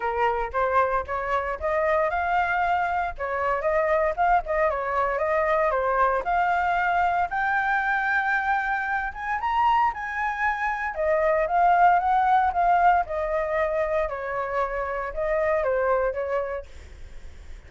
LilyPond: \new Staff \with { instrumentName = "flute" } { \time 4/4 \tempo 4 = 115 ais'4 c''4 cis''4 dis''4 | f''2 cis''4 dis''4 | f''8 dis''8 cis''4 dis''4 c''4 | f''2 g''2~ |
g''4. gis''8 ais''4 gis''4~ | gis''4 dis''4 f''4 fis''4 | f''4 dis''2 cis''4~ | cis''4 dis''4 c''4 cis''4 | }